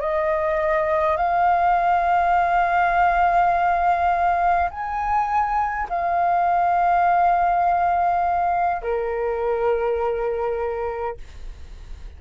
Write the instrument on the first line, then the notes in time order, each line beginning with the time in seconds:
flute
0.00 D#5
1.16 F5
4.70 G#5
5.89 F5
8.81 A#4